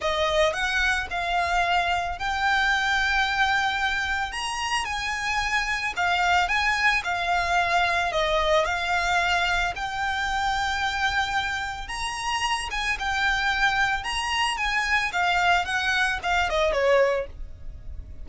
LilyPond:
\new Staff \with { instrumentName = "violin" } { \time 4/4 \tempo 4 = 111 dis''4 fis''4 f''2 | g''1 | ais''4 gis''2 f''4 | gis''4 f''2 dis''4 |
f''2 g''2~ | g''2 ais''4. gis''8 | g''2 ais''4 gis''4 | f''4 fis''4 f''8 dis''8 cis''4 | }